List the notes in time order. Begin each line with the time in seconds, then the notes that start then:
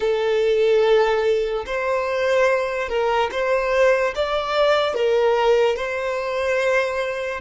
0.00 A4
1.66 C5
2.88 A#4
3.31 C5
4.15 D5
4.94 A#4
5.76 C5